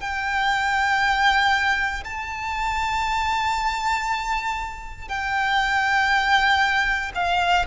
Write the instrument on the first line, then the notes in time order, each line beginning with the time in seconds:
violin
0.00 G5
2.04 A5
5.08 G5
7.15 F5